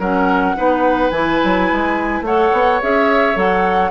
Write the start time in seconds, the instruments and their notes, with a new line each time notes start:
0.00 bassoon F#3, clarinet C#4, oboe A#4, flute F#5
0.57 bassoon B3, clarinet D#4, oboe B4
1.11 bassoon E3, clarinet E4, flute G#5
1.44 bassoon F#3
1.72 bassoon G#3
2.22 bassoon A3, clarinet A4, oboe C#5, flute F#5
2.53 bassoon B3
2.82 bassoon C#4, clarinet G#4, flute E5
3.35 bassoon F#3, clarinet A4, flute F#5